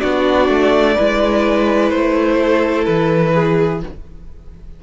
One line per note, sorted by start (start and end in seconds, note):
0.00 0.48 B3
0.00 0.97 D4
0.00 0.94 F#4
0.00 1.89 D5
0.48 0.96 A3
0.94 1.91 G#3
0.94 3.83 E4
0.94 2.37 B4
1.89 2.86 A3
1.89 2.84 C5
2.40 3.33 A4
2.85 3.83 E3
2.85 3.80 B4
3.33 3.81 G#4